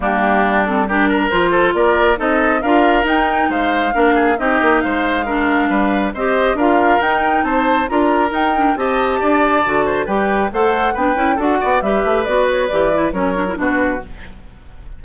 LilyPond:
<<
  \new Staff \with { instrumentName = "flute" } { \time 4/4 \tempo 4 = 137 g'4. a'8 ais'4 c''4 | d''4 dis''4 f''4 g''4 | f''2 dis''4 f''4~ | f''2 dis''4 f''4 |
g''4 a''4 ais''4 g''4 | a''2. g''4 | fis''4 g''4 fis''4 e''4 | d''8 cis''8 d''4 cis''4 b'4 | }
  \new Staff \with { instrumentName = "oboe" } { \time 4/4 d'2 g'8 ais'4 a'8 | ais'4 a'4 ais'2 | c''4 ais'8 gis'8 g'4 c''4 | ais'4 b'4 c''4 ais'4~ |
ais'4 c''4 ais'2 | dis''4 d''4. c''8 b'4 | c''4 b'4 a'8 d''8 b'4~ | b'2 ais'4 fis'4 | }
  \new Staff \with { instrumentName = "clarinet" } { \time 4/4 ais4. c'8 d'4 f'4~ | f'4 dis'4 f'4 dis'4~ | dis'4 d'4 dis'2 | d'2 g'4 f'4 |
dis'2 f'4 dis'8 d'8 | g'2 fis'4 g'4 | a'4 d'8 e'8 fis'4 g'4 | fis'4 g'8 e'8 cis'8 d'16 e'16 d'4 | }
  \new Staff \with { instrumentName = "bassoon" } { \time 4/4 g2. f4 | ais4 c'4 d'4 dis'4 | gis4 ais4 c'8 ais8 gis4~ | gis4 g4 c'4 d'4 |
dis'4 c'4 d'4 dis'4 | c'4 d'4 d4 g4 | a4 b8 cis'8 d'8 b8 g8 a8 | b4 e4 fis4 b,4 | }
>>